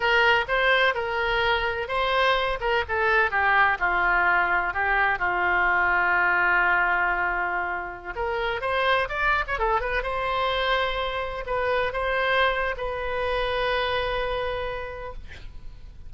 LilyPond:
\new Staff \with { instrumentName = "oboe" } { \time 4/4 \tempo 4 = 127 ais'4 c''4 ais'2 | c''4. ais'8 a'4 g'4 | f'2 g'4 f'4~ | f'1~ |
f'4~ f'16 ais'4 c''4 d''8. | cis''16 a'8 b'8 c''2~ c''8.~ | c''16 b'4 c''4.~ c''16 b'4~ | b'1 | }